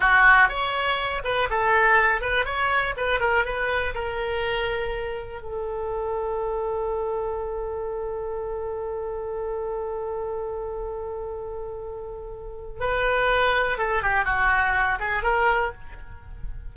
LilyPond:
\new Staff \with { instrumentName = "oboe" } { \time 4/4 \tempo 4 = 122 fis'4 cis''4. b'8 a'4~ | a'8 b'8 cis''4 b'8 ais'8 b'4 | ais'2. a'4~ | a'1~ |
a'1~ | a'1~ | a'2 b'2 | a'8 g'8 fis'4. gis'8 ais'4 | }